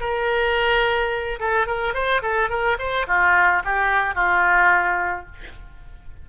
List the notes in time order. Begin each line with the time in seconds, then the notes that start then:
0.00 A#4
1.39 A4
1.67 A#4
1.94 C5
2.22 A4
2.49 A#4
2.79 C5
3.07 F4
3.64 G4
4.15 F4